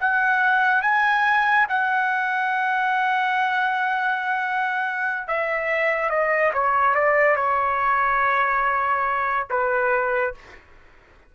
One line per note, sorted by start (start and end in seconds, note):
0.00 0.82 F#5
0.82 1.66 G#5
1.69 5.27 F#5
5.27 6.10 E5
6.10 6.52 D#5
6.54 6.95 C#5
6.95 7.36 D5
7.36 9.47 C#5
9.50 10.34 B4